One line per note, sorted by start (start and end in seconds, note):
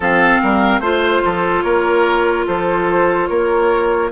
0.00 0.39 F3
0.00 0.82 C4
0.00 0.41 A4
0.00 0.80 F5
0.42 0.80 G3
0.42 0.80 A#4
0.80 1.21 A3
0.80 4.11 F4
0.80 1.62 C5
0.80 1.21 C5
1.24 1.63 F3
1.24 1.64 A4
1.62 2.45 A#3
1.62 2.46 A#4
1.62 2.44 C#5
2.47 3.29 F3
2.47 3.29 A4
2.47 3.27 C5
3.27 4.11 A#3
3.27 4.11 A#4
3.27 4.09 C#5